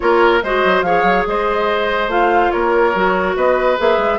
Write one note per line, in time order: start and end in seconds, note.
0.00 0.42 A#3
0.00 0.41 F4
0.00 0.43 A#4
0.00 0.41 C#5
0.42 0.63 G#3
0.42 0.85 F#4
0.42 0.85 C5
0.42 0.82 D#5
0.64 0.82 F#3
0.82 1.03 F3
0.82 2.09 G#4
0.82 1.27 C#5
0.82 1.24 F5
1.03 1.24 F#3
1.27 2.07 G#3
1.27 2.53 C5
1.27 2.10 D#5
2.07 2.49 A3
2.07 2.93 F4
2.07 2.51 F5
2.51 2.94 A#3
2.51 3.36 A#4
2.51 3.35 C#5
2.94 3.36 F#3
2.94 3.77 F#4
3.36 3.78 B3
3.36 4.19 B4
3.36 3.78 D#5
3.77 3.98 A#3
3.77 4.19 G#4
3.77 4.19 E5
3.98 4.19 G#3